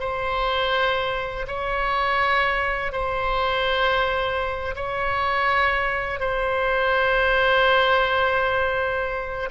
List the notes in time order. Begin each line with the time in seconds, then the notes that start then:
0.00 C5
1.47 C#5
2.92 C5
4.76 C#5
6.20 C5